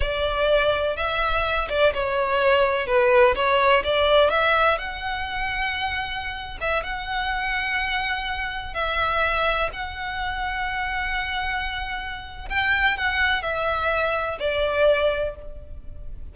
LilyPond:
\new Staff \with { instrumentName = "violin" } { \time 4/4 \tempo 4 = 125 d''2 e''4. d''8 | cis''2 b'4 cis''4 | d''4 e''4 fis''2~ | fis''4.~ fis''16 e''8 fis''4.~ fis''16~ |
fis''2~ fis''16 e''4.~ e''16~ | e''16 fis''2.~ fis''8.~ | fis''2 g''4 fis''4 | e''2 d''2 | }